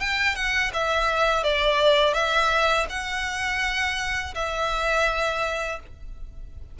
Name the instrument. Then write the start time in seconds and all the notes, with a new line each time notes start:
violin
0.00 G5
0.35 F#5
0.73 E5
1.43 D5
2.13 E5
2.89 F#5
4.34 E5